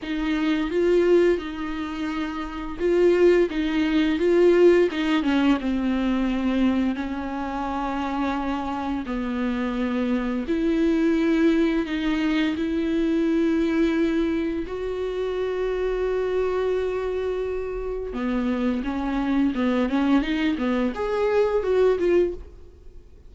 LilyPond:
\new Staff \with { instrumentName = "viola" } { \time 4/4 \tempo 4 = 86 dis'4 f'4 dis'2 | f'4 dis'4 f'4 dis'8 cis'8 | c'2 cis'2~ | cis'4 b2 e'4~ |
e'4 dis'4 e'2~ | e'4 fis'2.~ | fis'2 b4 cis'4 | b8 cis'8 dis'8 b8 gis'4 fis'8 f'8 | }